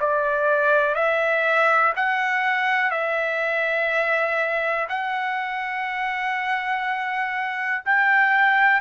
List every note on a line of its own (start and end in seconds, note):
0.00 0.95 D5
0.95 1.93 E5
1.96 2.91 F#5
2.91 4.88 E5
4.89 7.84 F#5
7.85 8.81 G5